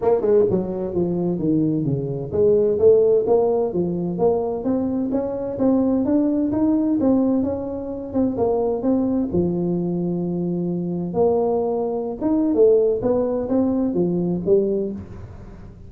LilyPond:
\new Staff \with { instrumentName = "tuba" } { \time 4/4 \tempo 4 = 129 ais8 gis8 fis4 f4 dis4 | cis4 gis4 a4 ais4 | f4 ais4 c'4 cis'4 | c'4 d'4 dis'4 c'4 |
cis'4. c'8 ais4 c'4 | f1 | ais2~ ais16 dis'8. a4 | b4 c'4 f4 g4 | }